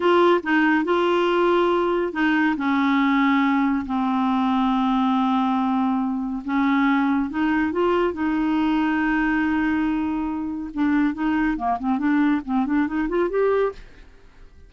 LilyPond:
\new Staff \with { instrumentName = "clarinet" } { \time 4/4 \tempo 4 = 140 f'4 dis'4 f'2~ | f'4 dis'4 cis'2~ | cis'4 c'2.~ | c'2. cis'4~ |
cis'4 dis'4 f'4 dis'4~ | dis'1~ | dis'4 d'4 dis'4 ais8 c'8 | d'4 c'8 d'8 dis'8 f'8 g'4 | }